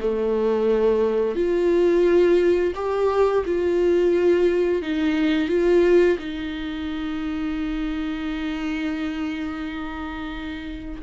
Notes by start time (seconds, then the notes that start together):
0.00 A3
1.36 F4
2.76 G4
3.46 F4
4.82 D#4
5.49 F4
6.19 D#4